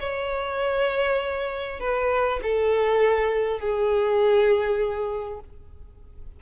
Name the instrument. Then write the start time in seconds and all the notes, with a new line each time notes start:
violin
0.00 C#5
1.80 B4
2.43 A4
3.60 G#4